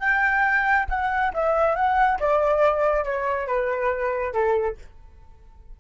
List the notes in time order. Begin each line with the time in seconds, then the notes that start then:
0.00 G5
0.89 F#5
1.34 E5
1.76 F#5
2.20 D5
3.05 C#5
3.48 B4
4.34 A4